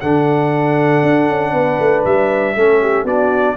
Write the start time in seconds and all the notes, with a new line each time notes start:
0.00 D3 D4 A4 F#5
1.02 D4
1.27 C#4
1.52 B3 B4
1.79 A3
2.04 G3 E5
2.55 A3 C#4 A4
2.81 G4
3.03 B3 D4 F#4 D5